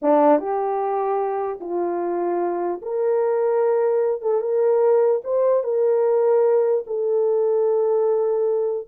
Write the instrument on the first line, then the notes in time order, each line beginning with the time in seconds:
horn
0.01 D4
0.38 G4
1.60 F4
2.82 A#4
4.21 A4
4.41 A#4
5.23 C5
5.63 A#4
6.86 A4